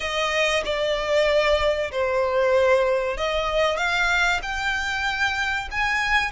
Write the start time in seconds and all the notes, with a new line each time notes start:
0.00 D#5
0.64 D5
1.91 C5
3.17 D#5
3.77 F5
4.42 G5
5.71 G#5